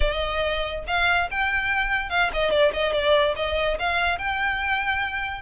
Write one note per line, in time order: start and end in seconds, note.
0.00 0.84 D#5
0.87 1.29 F5
1.30 2.09 G5
2.09 2.30 F5
2.33 2.50 D#5
2.50 2.71 D5
2.73 2.93 D#5
2.93 3.35 D5
3.36 3.78 D#5
3.79 4.18 F5
4.18 5.41 G5